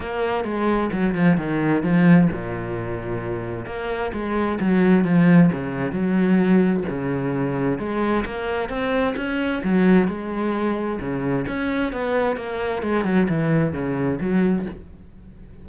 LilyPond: \new Staff \with { instrumentName = "cello" } { \time 4/4 \tempo 4 = 131 ais4 gis4 fis8 f8 dis4 | f4 ais,2. | ais4 gis4 fis4 f4 | cis4 fis2 cis4~ |
cis4 gis4 ais4 c'4 | cis'4 fis4 gis2 | cis4 cis'4 b4 ais4 | gis8 fis8 e4 cis4 fis4 | }